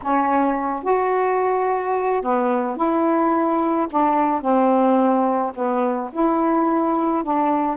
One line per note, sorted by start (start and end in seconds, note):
0.02 0.83 C#4
0.83 2.22 F#4
2.22 2.76 B3
2.76 3.87 E4
3.90 4.41 D4
4.41 5.52 C4
5.55 6.10 B3
6.12 7.23 E4
7.23 7.76 D4